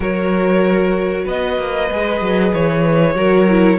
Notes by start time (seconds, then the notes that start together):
0.00 F#3 F#4 A#4 C#5
1.24 B3 B4 D#5
1.58 A#3
1.91 G#3 G#4
2.21 F#3
2.53 E3 C#5
3.14 F#3 F#4 A#4
3.48 E4